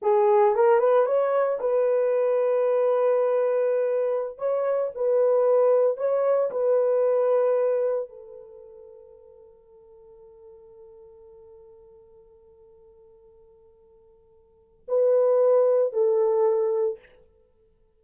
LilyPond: \new Staff \with { instrumentName = "horn" } { \time 4/4 \tempo 4 = 113 gis'4 ais'8 b'8 cis''4 b'4~ | b'1~ | b'16 cis''4 b'2 cis''8.~ | cis''16 b'2. a'8.~ |
a'1~ | a'1~ | a'1 | b'2 a'2 | }